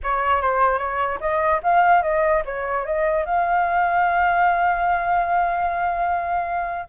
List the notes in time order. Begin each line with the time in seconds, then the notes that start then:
0.03 C#5
0.41 C5
0.78 C#5
1.20 D#5
1.63 F5
2.02 D#5
2.45 C#5
2.85 D#5
3.25 F5